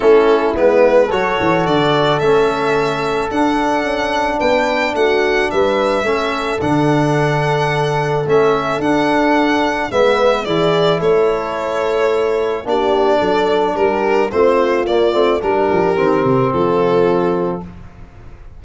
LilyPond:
<<
  \new Staff \with { instrumentName = "violin" } { \time 4/4 \tempo 4 = 109 a'4 b'4 cis''4 d''4 | e''2 fis''2 | g''4 fis''4 e''2 | fis''2. e''4 |
fis''2 e''4 d''4 | cis''2. d''4~ | d''4 ais'4 c''4 d''4 | ais'2 a'2 | }
  \new Staff \with { instrumentName = "horn" } { \time 4/4 e'2 a'2~ | a'1 | b'4 fis'4 b'4 a'4~ | a'1~ |
a'2 b'4 gis'4 | a'2. g'4 | a'4 g'4 f'2 | g'2 f'2 | }
  \new Staff \with { instrumentName = "trombone" } { \time 4/4 cis'4 b4 fis'2 | cis'2 d'2~ | d'2. cis'4 | d'2. cis'4 |
d'2 b4 e'4~ | e'2. d'4~ | d'2 c'4 ais8 c'8 | d'4 c'2. | }
  \new Staff \with { instrumentName = "tuba" } { \time 4/4 a4 gis4 fis8 e8 d4 | a2 d'4 cis'4 | b4 a4 g4 a4 | d2. a4 |
d'2 gis4 e4 | a2. ais4 | fis4 g4 a4 ais8 a8 | g8 f8 dis8 c8 f2 | }
>>